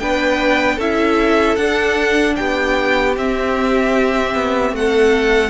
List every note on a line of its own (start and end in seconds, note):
0.00 0.78 B3
0.00 0.80 D4
0.00 0.76 B4
0.00 0.79 G5
0.76 1.57 C#4
0.76 1.60 E4
0.76 2.34 A4
0.76 1.56 E5
1.56 2.36 D4
1.56 3.17 D4
1.56 2.35 F#5
2.36 3.17 B3
2.36 4.75 G4
2.36 3.15 G5
3.17 4.34 C4
3.17 5.51 C4
3.17 4.76 E5
4.34 4.72 B3
4.72 5.51 A3
4.72 5.51 F#5
4.78 5.51 A4